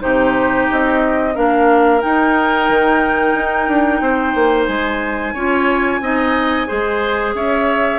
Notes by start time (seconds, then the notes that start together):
0.00 C3 D#4 G4 C5
0.71 C4 D#5
1.35 A#3 D4 A#4 F5
2.02 D#4 G5
2.69 D#3
3.35 D#4
3.68 D4
4.01 C4 C5
4.35 A#3
4.66 G#3 G#5
5.34 C#4 F4 C#5
6.01 C4 D#4 D#5
6.67 G#3 G#4 C5
7.35 C#4 C#5 E5